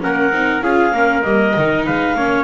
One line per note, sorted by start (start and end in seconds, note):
0.00 0.31 A#3
0.00 0.31 C#4
0.00 0.64 A#4
0.00 0.62 F#5
0.31 0.61 C4
0.31 0.62 D#4
0.61 0.92 C#4
0.61 0.93 F4
0.61 0.93 G#4
0.61 1.23 F5
0.92 1.22 A#3
0.92 1.23 C#4
0.92 1.85 A#4
1.23 1.54 G3
1.23 1.54 A#3
1.23 1.84 D#5
1.56 1.87 D#3
1.56 2.18 D#4
1.85 2.15 G#3
1.85 2.16 B4
1.85 2.44 F5
2.15 2.44 A#3
2.15 2.44 C#4
2.15 2.44 C#5